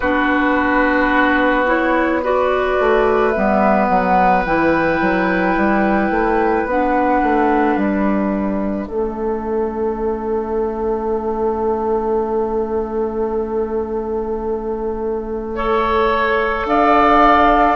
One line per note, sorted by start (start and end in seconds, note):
0.00 2.78 B3
0.00 1.66 D4
0.00 2.21 F#4
0.00 1.65 B4
1.66 2.22 E4
1.66 2.23 C#5
2.22 3.34 F#4
2.22 8.87 B4
2.22 3.30 D5
2.79 3.35 A3
3.30 3.89 G3
3.30 4.46 B3
3.30 3.86 E5
3.87 4.44 F#3
3.87 4.43 F#5
4.44 5.00 E3
4.44 6.68 E4
4.44 6.66 G5
5.00 5.56 F#3
5.56 6.10 G3
6.10 6.65 A3
6.65 7.21 B3
6.65 8.90 D4
6.65 7.78 F#5
7.22 7.76 A3
7.76 8.87 G3
7.76 16.66 E5
8.87 16.64 A3
8.87 15.56 C#4
8.87 15.54 A4
15.55 17.76 A4
15.55 16.66 C#5
16.64 17.75 D4
16.64 17.76 D5
16.64 17.76 F5